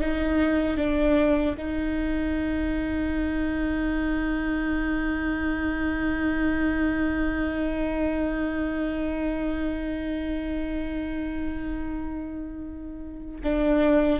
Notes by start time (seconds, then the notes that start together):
0.00 D#4
0.77 D4
1.57 D#4
13.43 D4